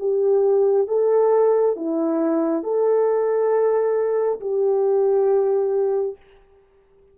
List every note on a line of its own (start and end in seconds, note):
0.00 0.88 G4
0.88 1.76 A4
1.76 2.64 E4
2.64 4.40 A4
4.41 6.17 G4